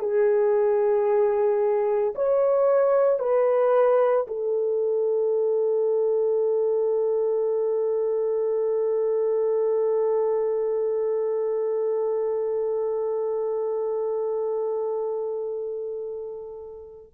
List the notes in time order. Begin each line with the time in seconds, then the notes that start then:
0.00 G#4
2.16 C#5
3.19 B4
4.28 A4